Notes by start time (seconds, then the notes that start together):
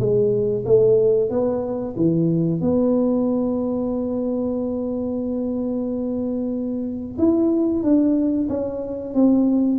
0.00 G#3
0.66 A3
1.30 B3
1.97 E3
2.61 B3
7.19 E4
7.83 D4
8.49 C#4
9.15 C4